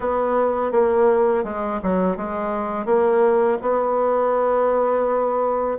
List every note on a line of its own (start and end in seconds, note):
0.00 0.71 B3
0.71 1.44 A#3
1.44 1.80 G#3
1.82 2.16 F#3
2.16 2.85 G#3
2.85 3.58 A#3
3.61 5.78 B3